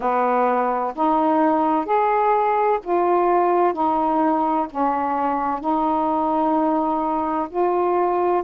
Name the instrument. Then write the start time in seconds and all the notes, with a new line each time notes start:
saxophone
0.00 B3
0.95 D#4
1.85 G#4
2.83 F4
3.73 D#4
4.70 C#4
5.60 D#4
7.49 F4